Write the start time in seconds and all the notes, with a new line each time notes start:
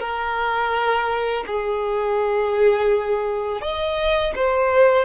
0.00 A#4
1.47 G#4
3.62 D#5
4.36 C5